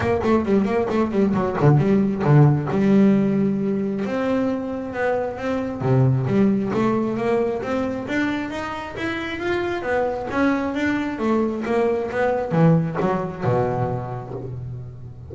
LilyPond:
\new Staff \with { instrumentName = "double bass" } { \time 4/4 \tempo 4 = 134 ais8 a8 g8 ais8 a8 g8 fis8 d8 | g4 d4 g2~ | g4 c'2 b4 | c'4 c4 g4 a4 |
ais4 c'4 d'4 dis'4 | e'4 f'4 b4 cis'4 | d'4 a4 ais4 b4 | e4 fis4 b,2 | }